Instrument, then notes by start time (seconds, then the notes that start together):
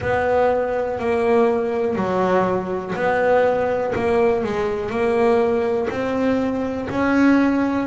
double bass
0.00 B3
0.99 A#3
1.95 F#3
2.95 B3
3.95 A#3
4.43 G#3
4.90 A#3
5.90 C4
6.89 C#4